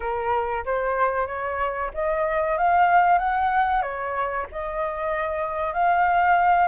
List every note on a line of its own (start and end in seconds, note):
0.00 0.64 A#4
0.65 1.26 C5
1.26 1.90 C#5
1.94 2.57 D#5
2.57 3.18 F5
3.18 3.82 F#5
3.82 4.45 C#5
4.51 5.73 D#5
5.73 6.68 F5